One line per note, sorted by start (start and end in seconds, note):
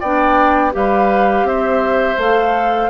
0.00 0.75 B3
0.00 0.72 D4
0.00 0.72 D5
0.00 0.73 G5
0.72 1.44 G3
0.72 2.16 G4
0.72 1.48 B4
0.72 1.47 F5
1.44 2.16 C4
1.44 2.90 C5
1.44 2.19 E5
2.17 2.90 A3
2.17 2.90 A4
2.17 2.90 F5